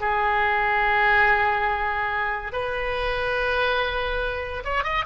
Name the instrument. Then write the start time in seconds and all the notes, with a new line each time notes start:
oboe
0.00 G#4
2.52 B4
4.64 C#5
4.83 D#5